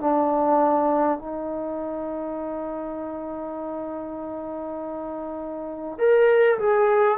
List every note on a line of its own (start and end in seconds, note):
0.00 1.19 D4
1.19 5.98 D#4
5.98 6.58 A#4
6.58 7.18 G#4